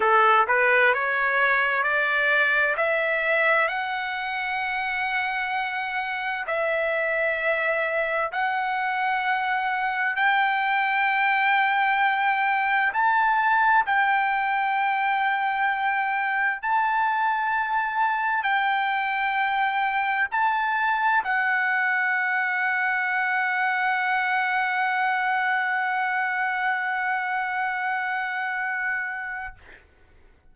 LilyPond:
\new Staff \with { instrumentName = "trumpet" } { \time 4/4 \tempo 4 = 65 a'8 b'8 cis''4 d''4 e''4 | fis''2. e''4~ | e''4 fis''2 g''4~ | g''2 a''4 g''4~ |
g''2 a''2 | g''2 a''4 fis''4~ | fis''1~ | fis''1 | }